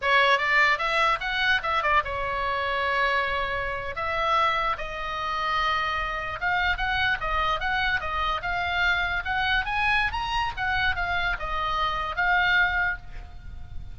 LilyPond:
\new Staff \with { instrumentName = "oboe" } { \time 4/4 \tempo 4 = 148 cis''4 d''4 e''4 fis''4 | e''8 d''8 cis''2.~ | cis''4.~ cis''16 e''2 dis''16~ | dis''2.~ dis''8. f''16~ |
f''8. fis''4 dis''4 fis''4 dis''16~ | dis''8. f''2 fis''4 gis''16~ | gis''4 ais''4 fis''4 f''4 | dis''2 f''2 | }